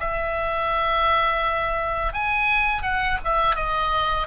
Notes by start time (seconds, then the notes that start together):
0.00 E5
2.13 G#5
2.82 F#5
3.25 E5
3.56 D#5